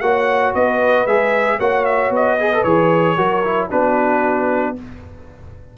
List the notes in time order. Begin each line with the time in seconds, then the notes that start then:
0.00 A#3 F#4 C#5 F#5
0.54 B3 B4 D#5
1.06 G#3 G#4 E5
1.57 A#3 F#4 C#5 F#5
1.85 E5
2.09 B3 D#5
2.38 G#4 B4
2.53 A4
2.63 E3 G#4 C#5
3.16 F#3 F#4 A#4
3.44 E4
3.70 B3 D4 F#4 B4